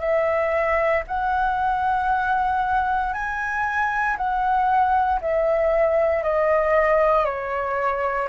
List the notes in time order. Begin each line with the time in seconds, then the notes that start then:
0.00 E5
1.08 F#5
3.14 G#5
4.18 F#5
5.21 E5
6.24 D#5
7.26 C#5